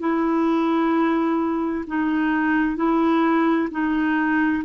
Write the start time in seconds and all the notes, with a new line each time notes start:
0.00 E4
1.87 D#4
2.76 E4
3.71 D#4